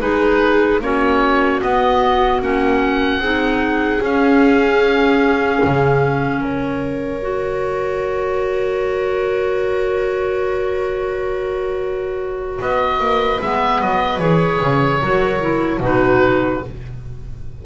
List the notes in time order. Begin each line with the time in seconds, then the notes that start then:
0.00 G#3 D#4 G#4 B4
0.81 A#3 C#4 F#4 C#5
1.61 B3 D#5
2.42 A#3 C#4 F#5
3.19 C4 D#4 G#4
4.00 C#4 F5
5.64 C#3
6.39 F#3 A#4 C#5
7.21 F#4
12.60 B3 B4 D#5
13.00 A#3
13.41 G#3 B3 E5
13.81 F#3 D#5
14.19 E3 G#4 C#5
14.61 C#3
15.01 F#3 F#4 A#4
15.40 E4
15.80 B2 D#4 F#4 B4